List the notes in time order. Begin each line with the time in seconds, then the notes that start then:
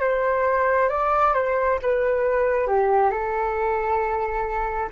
0.00 C5
0.89 D5
1.34 C5
1.82 B4
2.67 G4
3.10 A4